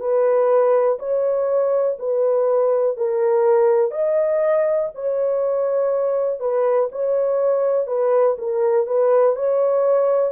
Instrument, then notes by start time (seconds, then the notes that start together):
horn
0.00 B4
0.99 C#5
1.99 B4
2.97 A#4
3.91 D#5
4.95 C#5
6.40 B4
6.92 C#5
7.87 B4
8.38 A#4
8.87 B4
9.36 C#5